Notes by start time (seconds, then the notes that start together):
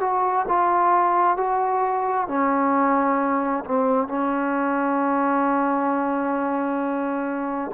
0.00 F#4
0.48 F4
1.36 F#4
2.28 C#4
3.64 C4
4.07 C#4